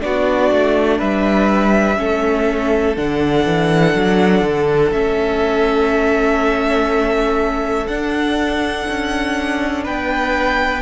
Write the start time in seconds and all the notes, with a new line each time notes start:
0.00 B3 D4 F#4 D5
0.51 A3
0.98 G3 B4 E5
1.96 A3 C#4 A4
2.96 D3 D4 F#5
3.45 E3
3.94 F#3
4.41 D3
4.91 A3 C#4 E5
7.86 D4 F#5
8.89 C#4
9.83 B3 B4 G5